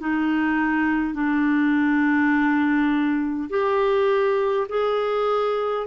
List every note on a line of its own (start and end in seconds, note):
0.00 1.14 D#4
1.14 3.49 D4
3.50 4.67 G4
4.69 5.87 G#4